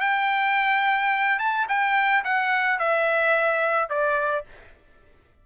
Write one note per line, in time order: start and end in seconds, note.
0.00 1.39 G5
1.39 1.66 A5
1.68 2.24 G5
2.24 2.79 F#5
2.79 3.89 E5
3.89 4.45 D5